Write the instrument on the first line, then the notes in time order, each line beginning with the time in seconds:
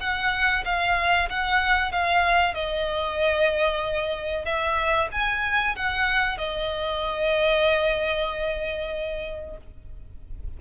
violin
0.00 F#5
0.65 F5
1.29 F#5
1.92 F5
2.54 D#5
4.45 E5
5.12 G#5
5.76 F#5
6.38 D#5